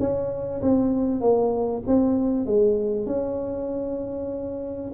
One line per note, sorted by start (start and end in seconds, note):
0.00 0.62 C#4
0.62 1.21 C4
1.21 1.83 A#3
1.87 2.46 C4
2.46 3.06 G#3
3.06 4.92 C#4